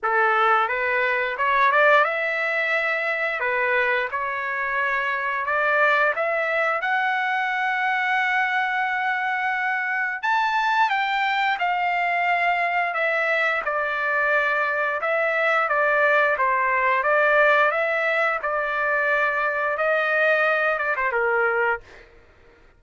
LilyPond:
\new Staff \with { instrumentName = "trumpet" } { \time 4/4 \tempo 4 = 88 a'4 b'4 cis''8 d''8 e''4~ | e''4 b'4 cis''2 | d''4 e''4 fis''2~ | fis''2. a''4 |
g''4 f''2 e''4 | d''2 e''4 d''4 | c''4 d''4 e''4 d''4~ | d''4 dis''4. d''16 c''16 ais'4 | }